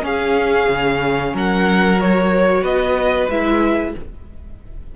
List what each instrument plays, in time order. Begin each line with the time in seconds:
0.00 viola C#4, cello C#4, violin G#4 F5
0.68 cello C#3
1.33 cello F#3, violin A#4 F#5
2.00 viola F#4, violin C#5
2.62 cello B3, violin B4 D#5
3.29 cello G#3, viola E4, violin E5